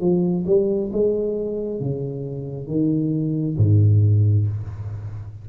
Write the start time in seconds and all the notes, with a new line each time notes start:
0.00 F3
0.46 G3
0.92 G#3
1.80 C#3
2.67 D#3
3.57 G#2